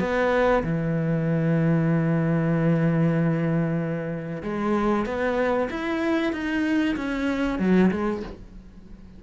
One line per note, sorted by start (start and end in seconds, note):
0.00 0.63 B3
0.64 4.43 E3
4.43 5.06 G#3
5.06 5.69 B3
5.70 6.33 E4
6.33 6.96 D#4
6.97 7.59 C#4
7.59 7.91 F#3
7.91 8.23 G#3